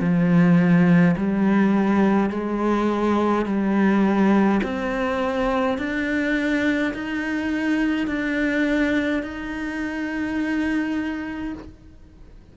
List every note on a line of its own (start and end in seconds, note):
0.00 1.15 F3
1.17 2.30 G3
2.30 3.46 G#3
3.46 4.61 G3
4.63 5.78 C4
5.78 6.93 D4
6.94 8.08 D#4
8.08 9.23 D4
9.23 11.54 D#4